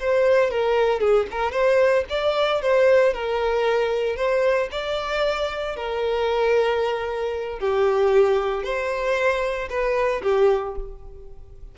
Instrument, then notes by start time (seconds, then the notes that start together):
violin
0.00 C5
0.51 A#4
1.00 G#4
1.31 A#4
1.52 C5
2.09 D5
2.62 C5
3.14 A#4
4.16 C5
4.72 D5
5.76 A#4
7.60 G4
8.63 C5
9.69 B4
10.23 G4